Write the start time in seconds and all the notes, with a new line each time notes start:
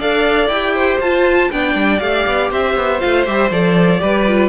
0.00 D4 A4 D5 F5
0.48 E4 G4 G5
0.75 C5
1.01 F4 A5
1.51 B3 D4 D5 G5
1.75 G3
2.00 A3 G4 F5
2.27 B3
2.51 C4 C5 E5
2.76 B3
3.00 A3 F4 F5
3.26 G3 G4 E5
3.51 F3 A4 D5
3.99 G3 G4 B4
4.27 F4